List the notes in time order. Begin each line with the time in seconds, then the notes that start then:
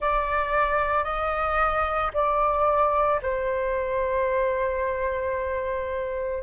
0.00 D5
1.04 D#5
2.13 D5
3.21 C5